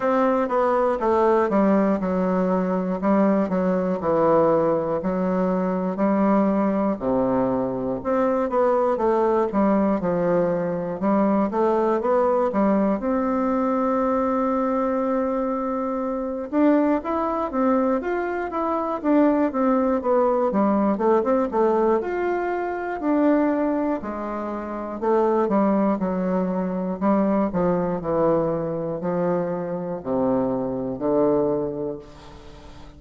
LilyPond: \new Staff \with { instrumentName = "bassoon" } { \time 4/4 \tempo 4 = 60 c'8 b8 a8 g8 fis4 g8 fis8 | e4 fis4 g4 c4 | c'8 b8 a8 g8 f4 g8 a8 | b8 g8 c'2.~ |
c'8 d'8 e'8 c'8 f'8 e'8 d'8 c'8 | b8 g8 a16 c'16 a8 f'4 d'4 | gis4 a8 g8 fis4 g8 f8 | e4 f4 c4 d4 | }